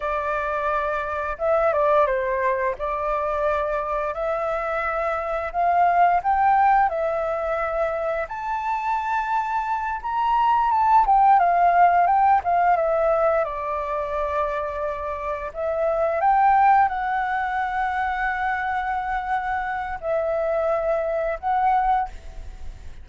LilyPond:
\new Staff \with { instrumentName = "flute" } { \time 4/4 \tempo 4 = 87 d''2 e''8 d''8 c''4 | d''2 e''2 | f''4 g''4 e''2 | a''2~ a''8 ais''4 a''8 |
g''8 f''4 g''8 f''8 e''4 d''8~ | d''2~ d''8 e''4 g''8~ | g''8 fis''2.~ fis''8~ | fis''4 e''2 fis''4 | }